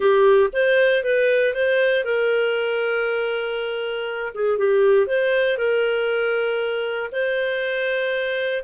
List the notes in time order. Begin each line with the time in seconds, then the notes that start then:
0.00 G4
0.52 C5
1.03 B4
1.54 C5
2.04 A#4
4.34 G#4
4.58 G4
5.06 C5
5.57 A#4
7.12 C5